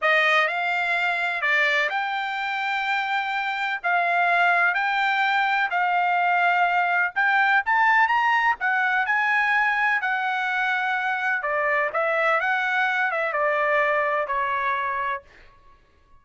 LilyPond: \new Staff \with { instrumentName = "trumpet" } { \time 4/4 \tempo 4 = 126 dis''4 f''2 d''4 | g''1 | f''2 g''2 | f''2. g''4 |
a''4 ais''4 fis''4 gis''4~ | gis''4 fis''2. | d''4 e''4 fis''4. e''8 | d''2 cis''2 | }